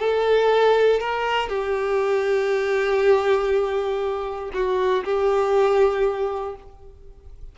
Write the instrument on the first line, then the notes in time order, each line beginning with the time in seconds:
violin
0.00 A4
1.00 A#4
1.49 G4
4.54 F#4
5.05 G4